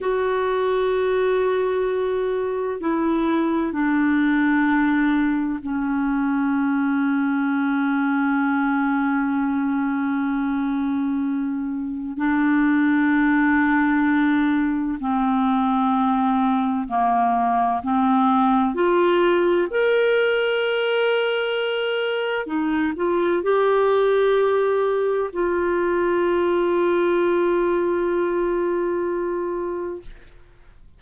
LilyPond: \new Staff \with { instrumentName = "clarinet" } { \time 4/4 \tempo 4 = 64 fis'2. e'4 | d'2 cis'2~ | cis'1~ | cis'4 d'2. |
c'2 ais4 c'4 | f'4 ais'2. | dis'8 f'8 g'2 f'4~ | f'1 | }